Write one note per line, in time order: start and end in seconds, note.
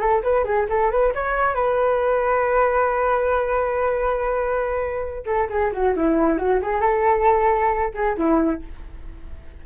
0.00 0.22 A4
0.23 0.44 B4
0.44 0.67 G#4
0.70 0.91 A4
0.91 1.14 B4
1.15 1.55 C#5
1.55 5.24 B4
5.26 5.48 A4
5.50 5.72 G#4
5.73 5.95 F#4
5.96 6.38 E4
6.38 6.60 F#4
6.62 6.81 G#4
6.81 7.93 A4
7.94 8.17 G#4
8.17 8.62 E4